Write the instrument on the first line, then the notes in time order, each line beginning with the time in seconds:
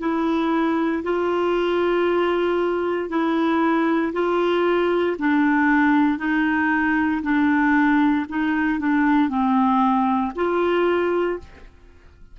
clarinet
0.00 E4
1.03 F4
3.09 E4
4.13 F4
5.19 D4
6.18 D#4
7.23 D4
8.29 D#4
8.80 D4
9.29 C4
10.35 F4